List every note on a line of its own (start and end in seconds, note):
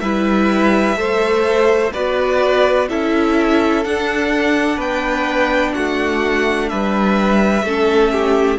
0.00 0.96 G3
0.00 0.96 E4
0.00 0.97 B4
0.00 1.90 E5
0.96 1.91 A3
0.96 1.91 A4
0.96 1.92 C5
1.92 2.90 B3
1.92 2.89 F#4
1.92 2.87 B4
1.92 2.88 D5
2.89 3.85 C#4
2.89 3.84 E4
2.89 4.76 A4
2.89 3.84 E5
3.84 7.65 D4
3.84 4.77 D4
3.84 4.79 F#5
4.76 5.72 B3
4.76 5.71 B4
4.76 5.73 G5
5.73 6.71 A3
5.73 6.69 F#4
5.73 6.68 F#5
6.68 7.62 G3
6.68 7.64 B4
6.68 8.59 E5
7.62 8.58 A3
7.62 8.59 C#4
7.62 8.12 A4
8.12 8.59 G4